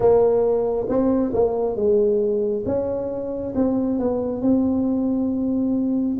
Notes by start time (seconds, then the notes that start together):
0.00 A#3
0.88 C4
1.33 A#3
1.75 G#3
2.65 C#4
3.55 C4
3.99 B3
4.41 C4